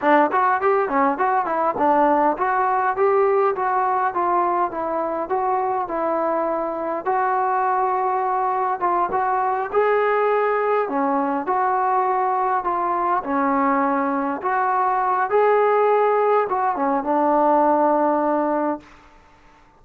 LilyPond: \new Staff \with { instrumentName = "trombone" } { \time 4/4 \tempo 4 = 102 d'8 fis'8 g'8 cis'8 fis'8 e'8 d'4 | fis'4 g'4 fis'4 f'4 | e'4 fis'4 e'2 | fis'2. f'8 fis'8~ |
fis'8 gis'2 cis'4 fis'8~ | fis'4. f'4 cis'4.~ | cis'8 fis'4. gis'2 | fis'8 cis'8 d'2. | }